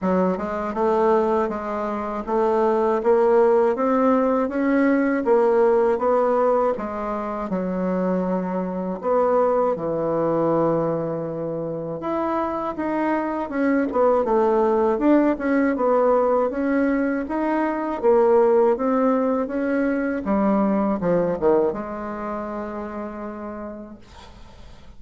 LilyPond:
\new Staff \with { instrumentName = "bassoon" } { \time 4/4 \tempo 4 = 80 fis8 gis8 a4 gis4 a4 | ais4 c'4 cis'4 ais4 | b4 gis4 fis2 | b4 e2. |
e'4 dis'4 cis'8 b8 a4 | d'8 cis'8 b4 cis'4 dis'4 | ais4 c'4 cis'4 g4 | f8 dis8 gis2. | }